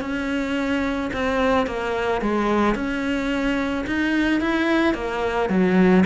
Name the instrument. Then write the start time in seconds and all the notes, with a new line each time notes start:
cello
0.00 C#4
1.13 C4
1.66 A#3
2.21 G#3
2.75 C#4
3.86 D#4
4.40 E4
4.94 A#3
5.49 F#3